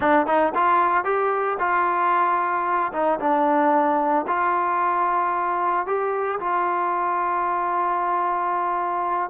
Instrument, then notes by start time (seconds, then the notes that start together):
trombone
0.00 D4
0.26 D#4
0.55 F4
1.04 G4
1.59 F4
2.92 D#4
3.19 D4
4.27 F4
5.86 G4
6.39 F4